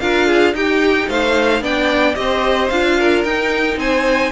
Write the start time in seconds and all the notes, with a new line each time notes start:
0.00 D4 F4 A#4 F5
0.27 G#4
0.54 D#4 G4 G5
1.08 A3 C5 F5
1.61 B3 D4 D5 G5
2.15 C4 G4 C5 D#5
2.69 D4 F4 F5
2.99 A#4
3.24 D#4 G5
3.77 C4 C5 G#5